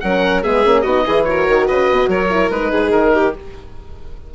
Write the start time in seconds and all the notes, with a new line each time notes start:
0.00 F#3 C#4 A#4 F#5
0.43 G#3 B3 G#4 E5
0.63 A#3 C#4
0.81 B3 D#4 F#4 D#5
1.05 E3 E4 G#4
1.24 F#4 A#4 C#5
1.48 D#3
1.67 C#3 B4 D#5
1.90 B2
2.07 F#3 A#4 C#5
2.30 E4
2.50 G#3 D#4 B4
2.70 G#2 G#4
2.91 D#3 A#4
3.13 G4